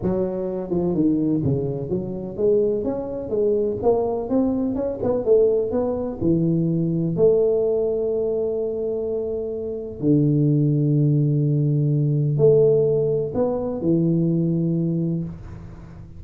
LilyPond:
\new Staff \with { instrumentName = "tuba" } { \time 4/4 \tempo 4 = 126 fis4. f8 dis4 cis4 | fis4 gis4 cis'4 gis4 | ais4 c'4 cis'8 b8 a4 | b4 e2 a4~ |
a1~ | a4 d2.~ | d2 a2 | b4 e2. | }